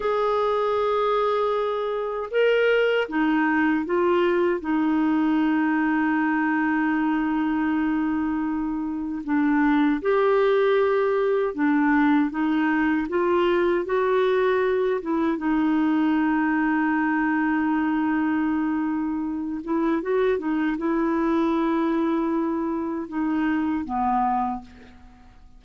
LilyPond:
\new Staff \with { instrumentName = "clarinet" } { \time 4/4 \tempo 4 = 78 gis'2. ais'4 | dis'4 f'4 dis'2~ | dis'1 | d'4 g'2 d'4 |
dis'4 f'4 fis'4. e'8 | dis'1~ | dis'4. e'8 fis'8 dis'8 e'4~ | e'2 dis'4 b4 | }